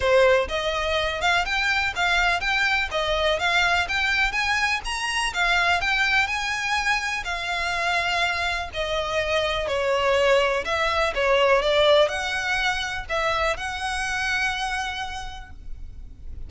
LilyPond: \new Staff \with { instrumentName = "violin" } { \time 4/4 \tempo 4 = 124 c''4 dis''4. f''8 g''4 | f''4 g''4 dis''4 f''4 | g''4 gis''4 ais''4 f''4 | g''4 gis''2 f''4~ |
f''2 dis''2 | cis''2 e''4 cis''4 | d''4 fis''2 e''4 | fis''1 | }